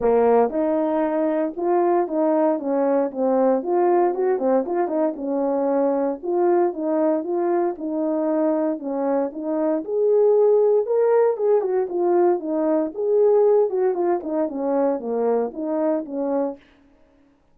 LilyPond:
\new Staff \with { instrumentName = "horn" } { \time 4/4 \tempo 4 = 116 ais4 dis'2 f'4 | dis'4 cis'4 c'4 f'4 | fis'8 c'8 f'8 dis'8 cis'2 | f'4 dis'4 f'4 dis'4~ |
dis'4 cis'4 dis'4 gis'4~ | gis'4 ais'4 gis'8 fis'8 f'4 | dis'4 gis'4. fis'8 f'8 dis'8 | cis'4 ais4 dis'4 cis'4 | }